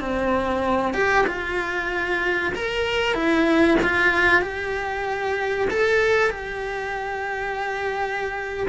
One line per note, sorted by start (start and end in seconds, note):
0.00 0.94 C4
0.94 1.25 G4
1.27 2.53 F4
2.54 3.14 A#4
3.14 3.78 E4
3.83 4.42 F4
4.42 5.68 G4
5.70 6.30 A4
6.30 8.67 G4